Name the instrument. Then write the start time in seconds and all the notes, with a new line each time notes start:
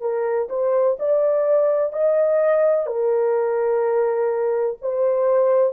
horn
0.00 A#4
0.49 C5
0.99 D5
1.92 D#5
2.86 A#4
4.81 C5